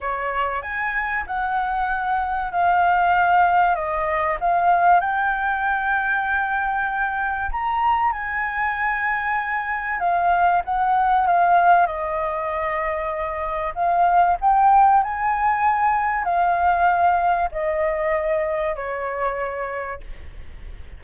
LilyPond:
\new Staff \with { instrumentName = "flute" } { \time 4/4 \tempo 4 = 96 cis''4 gis''4 fis''2 | f''2 dis''4 f''4 | g''1 | ais''4 gis''2. |
f''4 fis''4 f''4 dis''4~ | dis''2 f''4 g''4 | gis''2 f''2 | dis''2 cis''2 | }